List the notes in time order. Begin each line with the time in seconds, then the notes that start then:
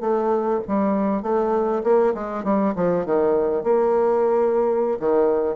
0.00 A3
0.67 G3
1.22 A3
1.83 A#3
2.14 G#3
2.44 G3
2.75 F3
3.05 D#3
3.63 A#3
4.99 D#3